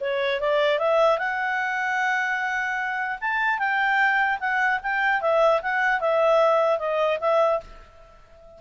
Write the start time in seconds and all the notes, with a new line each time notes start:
0.00 C#5
0.40 D5
0.78 E5
1.18 F#5
3.21 A5
3.58 G5
4.40 F#5
4.82 G5
5.21 E5
5.61 F#5
6.00 E5
6.78 D#5
7.20 E5